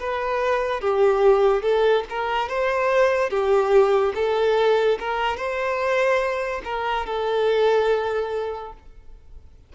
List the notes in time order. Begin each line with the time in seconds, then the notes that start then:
0.00 B4
0.81 G4
1.63 A4
2.10 A#4
2.49 C5
3.30 G4
4.15 A4
5.00 A#4
5.37 C5
6.65 A#4
7.06 A4